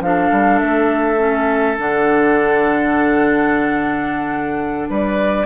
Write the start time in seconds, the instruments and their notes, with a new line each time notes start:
0.00 bassoon F3, clarinet D4, oboe A4, flute F5
0.31 bassoon G3
0.59 bassoon A3, flute E5
1.18 clarinet C#4
1.77 bassoon D3, clarinet D4, flute F#5
4.89 bassoon G3, oboe B4, flute D5